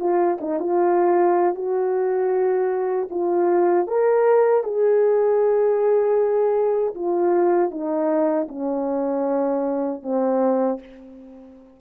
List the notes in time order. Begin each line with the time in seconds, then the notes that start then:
0.00 F4
0.41 D#4
0.60 F4
1.55 F#4
3.11 F4
3.87 A#4
4.64 G#4
6.95 F4
7.71 D#4
8.49 C#4
10.03 C4